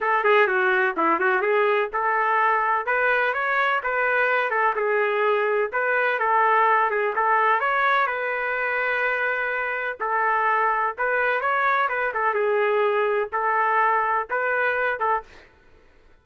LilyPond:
\new Staff \with { instrumentName = "trumpet" } { \time 4/4 \tempo 4 = 126 a'8 gis'8 fis'4 e'8 fis'8 gis'4 | a'2 b'4 cis''4 | b'4. a'8 gis'2 | b'4 a'4. gis'8 a'4 |
cis''4 b'2.~ | b'4 a'2 b'4 | cis''4 b'8 a'8 gis'2 | a'2 b'4. a'8 | }